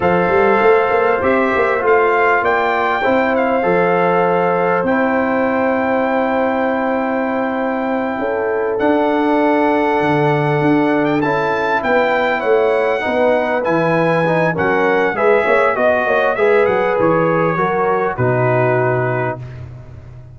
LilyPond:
<<
  \new Staff \with { instrumentName = "trumpet" } { \time 4/4 \tempo 4 = 99 f''2 e''4 f''4 | g''4. f''2~ f''8 | g''1~ | g''2~ g''8 fis''4.~ |
fis''2~ fis''16 g''16 a''4 g''8~ | g''8 fis''2 gis''4. | fis''4 e''4 dis''4 e''8 fis''8 | cis''2 b'2 | }
  \new Staff \with { instrumentName = "horn" } { \time 4/4 c''1 | d''4 c''2.~ | c''1~ | c''4. a'2~ a'8~ |
a'2.~ a'8 b'8~ | b'8 cis''4 b'2~ b'8 | ais'4 b'8 cis''8 dis''8 cis''8 b'4~ | b'4 ais'4 fis'2 | }
  \new Staff \with { instrumentName = "trombone" } { \time 4/4 a'2 g'4 f'4~ | f'4 e'4 a'2 | e'1~ | e'2~ e'8 d'4.~ |
d'2~ d'8 e'4.~ | e'4. dis'4 e'4 dis'8 | cis'4 gis'4 fis'4 gis'4~ | gis'4 fis'4 dis'2 | }
  \new Staff \with { instrumentName = "tuba" } { \time 4/4 f8 g8 a8 ais8 c'8 ais8 a4 | ais4 c'4 f2 | c'1~ | c'4. cis'4 d'4.~ |
d'8 d4 d'4 cis'4 b8~ | b8 a4 b4 e4. | fis4 gis8 ais8 b8 ais8 gis8 fis8 | e4 fis4 b,2 | }
>>